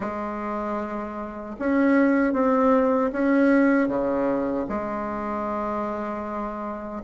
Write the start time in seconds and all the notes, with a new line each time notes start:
0.00 G#3
1.59 C#4
2.33 C4
3.12 C#4
3.87 C#3
4.69 G#3